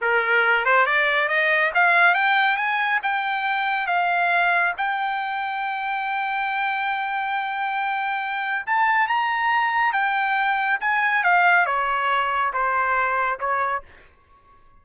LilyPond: \new Staff \with { instrumentName = "trumpet" } { \time 4/4 \tempo 4 = 139 ais'4. c''8 d''4 dis''4 | f''4 g''4 gis''4 g''4~ | g''4 f''2 g''4~ | g''1~ |
g''1 | a''4 ais''2 g''4~ | g''4 gis''4 f''4 cis''4~ | cis''4 c''2 cis''4 | }